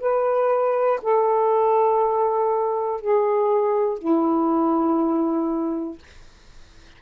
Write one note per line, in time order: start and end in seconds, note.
0.00 1.00 B4
1.02 3.00 A4
3.00 3.98 G#4
3.98 5.98 E4